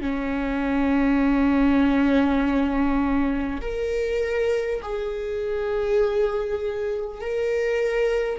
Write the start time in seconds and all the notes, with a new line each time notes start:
0.00 C#4
3.61 A#4
4.82 G#4
7.21 A#4